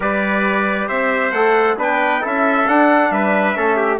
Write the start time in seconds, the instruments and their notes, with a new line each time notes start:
0.00 bassoon G3, trombone G4, trumpet B4 D5
0.88 bassoon C4, trumpet C5 E5
1.31 bassoon A3, trombone A4, trumpet F#5
1.77 bassoon B3, trombone D4, trumpet B4 G5
2.20 bassoon C#4, trombone E4, trumpet A4
2.26 trumpet E5
2.66 trombone D4, bassoon D4, trumpet F#5
3.10 bassoon G3, trumpet B4 E5
3.54 bassoon A3, trombone C#4, trumpet A4
3.76 trumpet G4